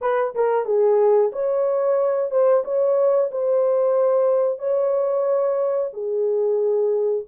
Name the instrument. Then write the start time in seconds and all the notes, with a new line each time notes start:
horn
0.01 B4
0.34 A#4
0.65 G#4
1.32 C#5
2.30 C5
2.64 C#5
3.31 C5
4.59 C#5
5.93 G#4